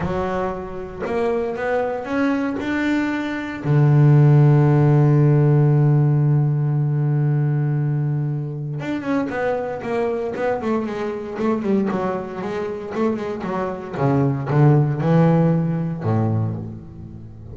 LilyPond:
\new Staff \with { instrumentName = "double bass" } { \time 4/4 \tempo 4 = 116 fis2 ais4 b4 | cis'4 d'2 d4~ | d1~ | d1~ |
d4 d'8 cis'8 b4 ais4 | b8 a8 gis4 a8 g8 fis4 | gis4 a8 gis8 fis4 cis4 | d4 e2 a,4 | }